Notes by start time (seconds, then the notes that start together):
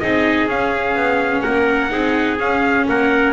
0.00 C4 D#4 G#4 D#5
0.48 C#4 F5
0.95 B3
1.42 A#3 A#4 F#5
1.89 C4 D#4 G#4
2.39 C#4 F5
2.89 A#3 A#4 F#5